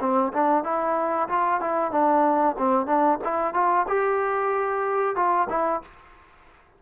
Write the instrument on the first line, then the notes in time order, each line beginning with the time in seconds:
trombone
0.00 C4
0.33 D4
0.64 E4
1.28 F4
1.60 E4
1.91 D4
2.58 C4
2.86 D4
3.24 E4
3.54 F4
3.88 G4
5.16 F4
5.49 E4